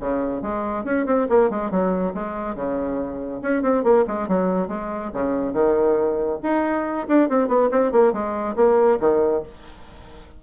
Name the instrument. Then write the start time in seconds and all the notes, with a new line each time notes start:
bassoon
0.00 C#3
0.42 G#3
0.85 C#4
1.06 C4
1.29 A#3
1.50 G#3
1.71 F#3
2.14 G#3
2.55 C#3
3.42 C#4
3.63 C4
3.84 A#3
4.07 G#3
4.28 F#3
4.68 G#3
5.13 C#3
5.53 D#3
6.43 D#4
7.08 D4
7.29 C4
7.48 B3
7.71 C4
7.92 A#3
8.13 G#3
8.56 A#3
9.00 D#3